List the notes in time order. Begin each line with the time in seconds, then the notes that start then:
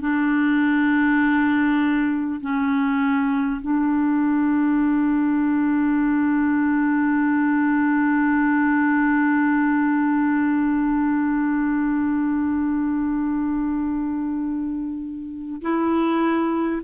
0.00 D4
2.41 C#4
3.61 D4
15.61 E4